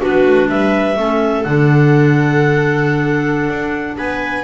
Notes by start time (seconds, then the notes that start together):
0.00 B3 D4 F#4 B4
0.26 A3
0.49 G3 B4 E5
0.97 A3 C#4 A4
1.44 D3 D4 F#5
3.49 D4
3.98 B3 B4 G#5